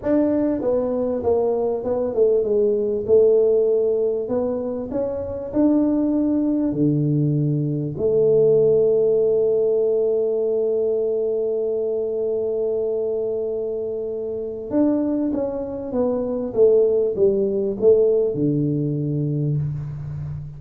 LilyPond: \new Staff \with { instrumentName = "tuba" } { \time 4/4 \tempo 4 = 98 d'4 b4 ais4 b8 a8 | gis4 a2 b4 | cis'4 d'2 d4~ | d4 a2.~ |
a1~ | a1 | d'4 cis'4 b4 a4 | g4 a4 d2 | }